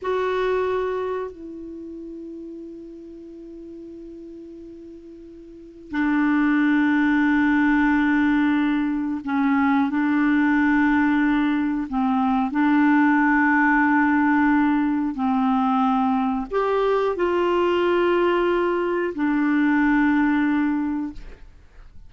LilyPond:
\new Staff \with { instrumentName = "clarinet" } { \time 4/4 \tempo 4 = 91 fis'2 e'2~ | e'1~ | e'4 d'2.~ | d'2 cis'4 d'4~ |
d'2 c'4 d'4~ | d'2. c'4~ | c'4 g'4 f'2~ | f'4 d'2. | }